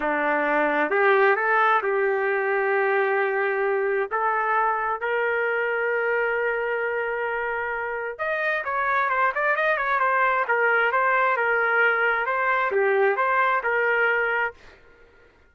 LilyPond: \new Staff \with { instrumentName = "trumpet" } { \time 4/4 \tempo 4 = 132 d'2 g'4 a'4 | g'1~ | g'4 a'2 ais'4~ | ais'1~ |
ais'2 dis''4 cis''4 | c''8 d''8 dis''8 cis''8 c''4 ais'4 | c''4 ais'2 c''4 | g'4 c''4 ais'2 | }